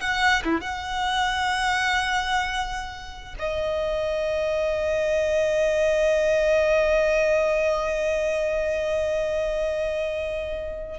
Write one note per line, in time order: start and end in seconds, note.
0.00 0.42 F#5
0.44 0.61 E4
0.61 3.35 F#5
3.39 10.99 D#5